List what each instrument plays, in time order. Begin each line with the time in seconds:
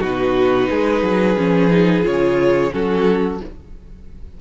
0.00 cello B2, viola D#4, violin F#4 B4
0.70 cello G#3, violin G#4
1.02 cello F#3
1.37 cello F3, viola C#4
1.70 viola D#4
2.02 cello C#3, viola F4, violin C#5
2.71 cello F#3, viola C#4, violin F#4 A4